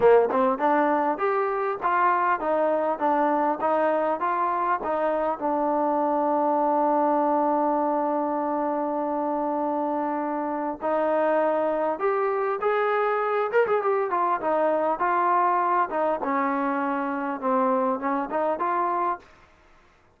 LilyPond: \new Staff \with { instrumentName = "trombone" } { \time 4/4 \tempo 4 = 100 ais8 c'8 d'4 g'4 f'4 | dis'4 d'4 dis'4 f'4 | dis'4 d'2.~ | d'1~ |
d'2 dis'2 | g'4 gis'4. ais'16 gis'16 g'8 f'8 | dis'4 f'4. dis'8 cis'4~ | cis'4 c'4 cis'8 dis'8 f'4 | }